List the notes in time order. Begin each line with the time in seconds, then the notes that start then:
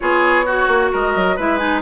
0.00 B3 F4 G#4 C#5
0.45 F#4
0.67 A#3
0.92 G#3 A#4 D#5
1.15 F#3
1.36 G#3 E4 B4 E5
1.57 D#4 G#5